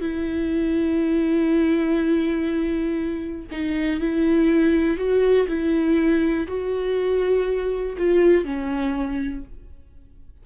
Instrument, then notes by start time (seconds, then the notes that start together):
viola
0.00 E4
3.51 D#4
4.00 E4
4.97 F#4
5.47 E4
6.47 F#4
7.97 F4
8.44 C#4